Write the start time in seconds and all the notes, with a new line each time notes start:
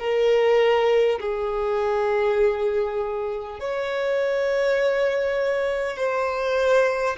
0.00 A#4
1.20 G#4
3.60 C#5
5.97 C5